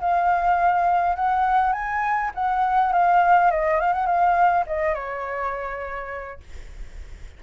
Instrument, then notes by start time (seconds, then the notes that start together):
flute
0.00 F5
1.16 F#5
1.73 G#5
2.34 F#5
2.93 F5
3.51 D#5
3.80 F5
3.93 F#5
4.06 F5
4.67 D#5
4.94 C#5